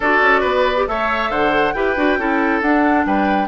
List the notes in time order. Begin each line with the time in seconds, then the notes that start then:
0.00 D4 F#4 A4 D5
0.21 C#4
0.40 B3 B4
0.76 G4
0.87 A3 A4 C#5 E5
1.29 D3 C5 F#5
1.73 E4 G4 B4 G5
1.96 D4 F#4
2.18 C#4 E4 A4
2.61 D4 F#5
3.05 G3 B4 G5